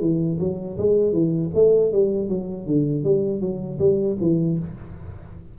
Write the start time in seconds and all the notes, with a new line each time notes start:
0.00 E3
0.39 F#3
0.78 G#3
1.12 E3
1.54 A3
1.92 G3
2.29 F#3
2.66 D3
3.04 G3
3.41 F#3
3.79 G3
4.20 E3